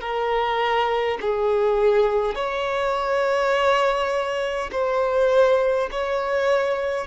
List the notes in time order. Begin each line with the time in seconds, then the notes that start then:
0.00 A#4
1.21 G#4
2.35 C#5
4.72 C5
5.91 C#5